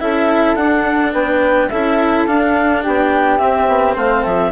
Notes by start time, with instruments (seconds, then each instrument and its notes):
0.00 bassoon C#4, cello E4, flute A4, clarinet E5
0.56 bassoon D4, cello D4, clarinet F#5
1.13 bassoon B3, flute B4, clarinet G5
1.70 bassoon C#4, cello E4, flute A4, clarinet E5
2.26 bassoon D4, cello D4, clarinet F5
2.84 bassoon B3, flute G4, clarinet G5
3.38 cello C4, bassoon C4, clarinet E5
3.68 bassoon B3
3.94 bassoon A3, flute C5, clarinet F5
4.22 bassoon F3, flute A4, clarinet E5